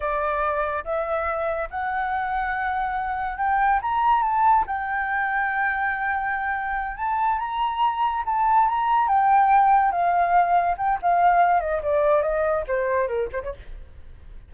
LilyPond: \new Staff \with { instrumentName = "flute" } { \time 4/4 \tempo 4 = 142 d''2 e''2 | fis''1 | g''4 ais''4 a''4 g''4~ | g''1~ |
g''8 a''4 ais''2 a''8~ | a''8 ais''4 g''2 f''8~ | f''4. g''8 f''4. dis''8 | d''4 dis''4 c''4 ais'8 c''16 cis''16 | }